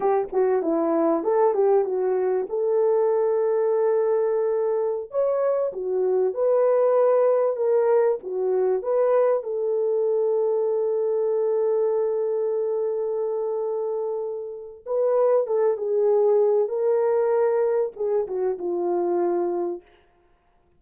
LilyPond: \new Staff \with { instrumentName = "horn" } { \time 4/4 \tempo 4 = 97 g'8 fis'8 e'4 a'8 g'8 fis'4 | a'1~ | a'16 cis''4 fis'4 b'4.~ b'16~ | b'16 ais'4 fis'4 b'4 a'8.~ |
a'1~ | a'1 | b'4 a'8 gis'4. ais'4~ | ais'4 gis'8 fis'8 f'2 | }